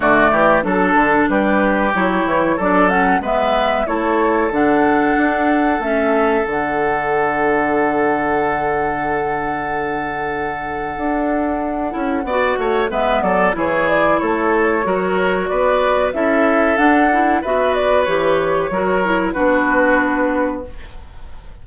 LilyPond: <<
  \new Staff \with { instrumentName = "flute" } { \time 4/4 \tempo 4 = 93 d''4 a'4 b'4 cis''4 | d''8 fis''8 e''4 cis''4 fis''4~ | fis''4 e''4 fis''2~ | fis''1~ |
fis''1 | e''8 d''8 cis''8 d''8 cis''2 | d''4 e''4 fis''4 e''8 d''8 | cis''2 b'2 | }
  \new Staff \with { instrumentName = "oboe" } { \time 4/4 fis'8 g'8 a'4 g'2 | a'4 b'4 a'2~ | a'1~ | a'1~ |
a'2. d''8 cis''8 | b'8 a'8 gis'4 a'4 ais'4 | b'4 a'2 b'4~ | b'4 ais'4 fis'2 | }
  \new Staff \with { instrumentName = "clarinet" } { \time 4/4 a4 d'2 e'4 | d'8 cis'8 b4 e'4 d'4~ | d'4 cis'4 d'2~ | d'1~ |
d'2~ d'8 e'8 fis'4 | b4 e'2 fis'4~ | fis'4 e'4 d'8 e'8 fis'4 | g'4 fis'8 e'8 d'2 | }
  \new Staff \with { instrumentName = "bassoon" } { \time 4/4 d8 e8 fis8 d8 g4 fis8 e8 | fis4 gis4 a4 d4 | d'4 a4 d2~ | d1~ |
d4 d'4. cis'8 b8 a8 | gis8 fis8 e4 a4 fis4 | b4 cis'4 d'4 b4 | e4 fis4 b2 | }
>>